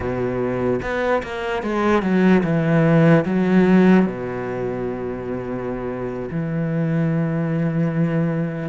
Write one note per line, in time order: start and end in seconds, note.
0.00 0.80 B2
0.81 1.22 B3
1.22 1.63 A#3
1.63 2.02 G#3
2.02 2.43 F#3
2.43 3.24 E3
3.25 4.05 F#3
4.05 6.28 B2
6.30 8.69 E3